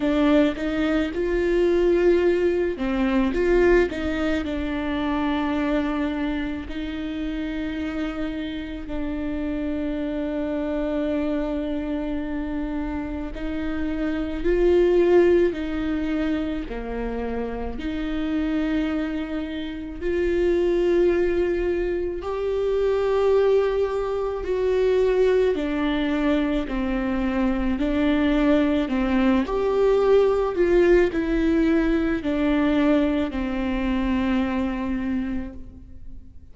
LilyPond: \new Staff \with { instrumentName = "viola" } { \time 4/4 \tempo 4 = 54 d'8 dis'8 f'4. c'8 f'8 dis'8 | d'2 dis'2 | d'1 | dis'4 f'4 dis'4 ais4 |
dis'2 f'2 | g'2 fis'4 d'4 | c'4 d'4 c'8 g'4 f'8 | e'4 d'4 c'2 | }